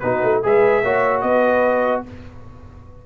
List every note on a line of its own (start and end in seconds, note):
0.00 0.23 B3
0.00 0.43 D#4
0.00 0.44 F#4
0.00 0.41 B4
0.23 0.44 A3
0.43 0.84 G#3
0.43 0.84 G#4
0.43 0.84 B4
0.43 1.21 E5
0.84 1.23 A#3
0.84 2.06 F#4
0.84 1.24 C#5
1.21 2.04 B3
1.21 2.05 B4
1.21 2.03 D#5